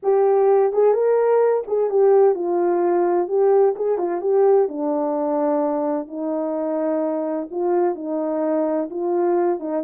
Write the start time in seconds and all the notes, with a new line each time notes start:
0.02 G4
0.72 G#4
0.93 A#4
1.67 G#4
1.90 G4
2.34 F4
3.28 G4
3.76 G#4
3.97 F4
4.21 G4
4.68 D4
6.07 D#4
7.51 F4
7.95 D#4
8.90 F4
9.59 D#4